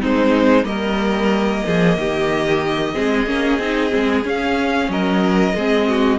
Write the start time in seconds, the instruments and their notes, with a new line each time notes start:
0.00 cello G#3, viola C4, violin D#4 C5
0.63 cello G3, viola A#3, violin A#4 D#5
1.65 cello F3, violin G#4
1.96 cello D#3, violin G4
2.93 cello G#3, viola C4, violin G#4
3.26 cello A#3, viola C#4
3.58 cello C4, viola D#4
3.90 cello G#3, viola C4
4.23 viola C#4, cello C#4, violin F5
4.88 cello F#3, violin A#4 D#5
5.55 cello G#3, viola C4, violin G#4
5.88 violin F#4